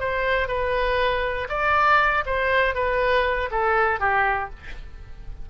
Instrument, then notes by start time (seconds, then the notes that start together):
oboe
0.00 C5
0.48 B4
1.50 D5
2.26 C5
2.75 B4
3.51 A4
4.00 G4